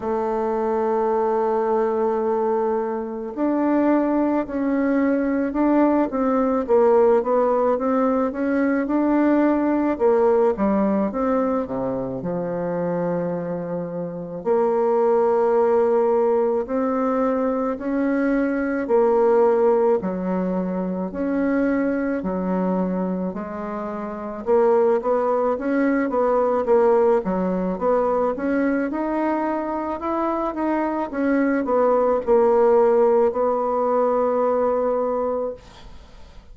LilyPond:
\new Staff \with { instrumentName = "bassoon" } { \time 4/4 \tempo 4 = 54 a2. d'4 | cis'4 d'8 c'8 ais8 b8 c'8 cis'8 | d'4 ais8 g8 c'8 c8 f4~ | f4 ais2 c'4 |
cis'4 ais4 fis4 cis'4 | fis4 gis4 ais8 b8 cis'8 b8 | ais8 fis8 b8 cis'8 dis'4 e'8 dis'8 | cis'8 b8 ais4 b2 | }